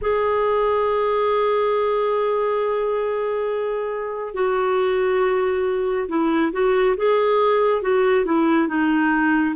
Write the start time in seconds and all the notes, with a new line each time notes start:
0.01 G#4
4.34 F#4
6.08 E4
6.52 F#4
6.96 G#4
7.82 F#4
8.25 E4
8.68 D#4